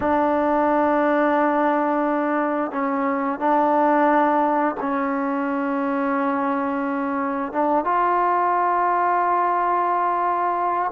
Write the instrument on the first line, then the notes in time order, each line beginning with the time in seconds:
trombone
0.00 D4
2.71 C#4
3.39 D4
4.80 C#4
7.52 D4
7.84 F4